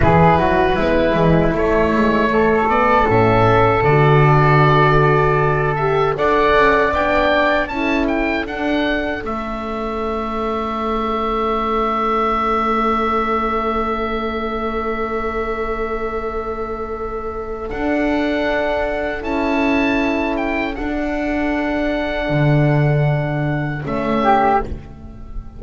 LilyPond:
<<
  \new Staff \with { instrumentName = "oboe" } { \time 4/4 \tempo 4 = 78 b'2 cis''4. d''8 | e''4 d''2~ d''8 e''8 | fis''4 g''4 a''8 g''8 fis''4 | e''1~ |
e''1~ | e''2. fis''4~ | fis''4 a''4. g''8 fis''4~ | fis''2. e''4 | }
  \new Staff \with { instrumentName = "flute" } { \time 4/4 gis'8 fis'8 e'2 a'4~ | a'1 | d''2 a'2~ | a'1~ |
a'1~ | a'1~ | a'1~ | a'2.~ a'8 g'8 | }
  \new Staff \with { instrumentName = "horn" } { \time 4/4 e'4 b8 gis8 a8 gis8 a8 b8 | cis'4 fis'2~ fis'8 g'8 | a'4 d'4 e'4 d'4 | cis'1~ |
cis'1~ | cis'2. d'4~ | d'4 e'2 d'4~ | d'2. cis'4 | }
  \new Staff \with { instrumentName = "double bass" } { \time 4/4 e8 fis8 gis8 e8 a2 | a,4 d2. | d'8 cis'8 b4 cis'4 d'4 | a1~ |
a1~ | a2. d'4~ | d'4 cis'2 d'4~ | d'4 d2 a4 | }
>>